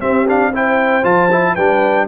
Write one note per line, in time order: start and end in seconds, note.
0.00 1.03 C4
0.00 0.27 C4
0.00 0.52 G4
0.00 0.27 E5
0.27 0.53 D4
0.27 0.55 F5
0.53 1.03 E4
0.53 1.54 C5
0.53 1.05 G5
1.03 1.56 F3
1.03 1.29 F4
1.03 1.56 A5
1.32 1.58 E4
1.54 2.08 G3
1.54 2.08 D4
1.54 2.06 B4
1.54 2.07 G5